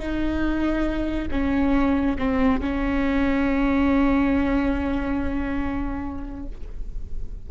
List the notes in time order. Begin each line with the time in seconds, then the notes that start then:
0.00 D#4
1.32 C#4
2.19 C4
2.61 C#4